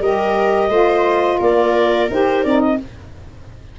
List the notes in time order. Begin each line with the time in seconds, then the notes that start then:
0.00 G3 G4 A#4 D#5
0.69 A3 F4 C5
1.38 A#3 A#4 D5
2.10 D#4 G4 C5
2.44 C4 D#4 D5
2.60 D#5